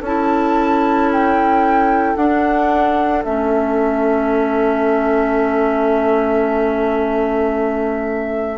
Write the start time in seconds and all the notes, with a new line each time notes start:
0.00 C#4 A4 A5
0.06 E4
1.12 G5
2.16 D4 F#5
3.24 A3 C#4 E5